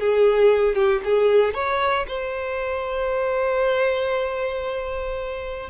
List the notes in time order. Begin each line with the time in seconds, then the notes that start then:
0.00 G#4
0.75 G4
1.05 G#4
1.54 C#5
2.08 C5